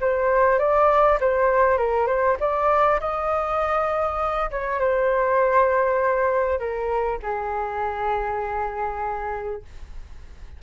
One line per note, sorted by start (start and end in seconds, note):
0.00 0.58 C5
0.58 1.18 D5
1.20 1.77 C5
1.77 2.06 A#4
2.06 2.36 C5
2.40 3.00 D5
3.00 4.50 D#5
4.50 4.79 C#5
4.79 6.59 C5
6.59 7.19 A#4
7.22 9.62 G#4